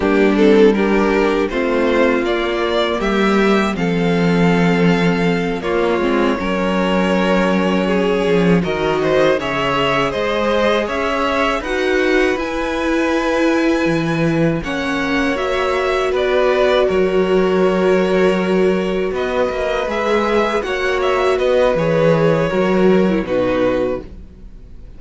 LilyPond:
<<
  \new Staff \with { instrumentName = "violin" } { \time 4/4 \tempo 4 = 80 g'8 a'8 ais'4 c''4 d''4 | e''4 f''2~ f''8 cis''8~ | cis''2.~ cis''8 dis''8~ | dis''8 e''4 dis''4 e''4 fis''8~ |
fis''8 gis''2. fis''8~ | fis''8 e''4 d''4 cis''4.~ | cis''4. dis''4 e''4 fis''8 | e''8 dis''8 cis''2 b'4 | }
  \new Staff \with { instrumentName = "violin" } { \time 4/4 d'4 g'4 f'2 | g'4 a'2~ a'8 f'8~ | f'8 ais'2 gis'4 ais'8 | c''8 cis''4 c''4 cis''4 b'8~ |
b'2.~ b'8 cis''8~ | cis''4. b'4 ais'4.~ | ais'4. b'2 cis''8~ | cis''8 b'4. ais'4 fis'4 | }
  \new Staff \with { instrumentName = "viola" } { \time 4/4 ais8 c'8 d'4 c'4 ais4~ | ais4 c'2~ c'8 ais8 | c'8 cis'2. fis'8~ | fis'8 gis'2. fis'8~ |
fis'8 e'2. cis'8~ | cis'8 fis'2.~ fis'8~ | fis'2~ fis'8 gis'4 fis'8~ | fis'4 gis'4 fis'8. e'16 dis'4 | }
  \new Staff \with { instrumentName = "cello" } { \time 4/4 g2 a4 ais4 | g4 f2~ f8 ais8 | gis8 fis2~ fis8 f8 dis8~ | dis8 cis4 gis4 cis'4 dis'8~ |
dis'8 e'2 e4 ais8~ | ais4. b4 fis4.~ | fis4. b8 ais8 gis4 ais8~ | ais8 b8 e4 fis4 b,4 | }
>>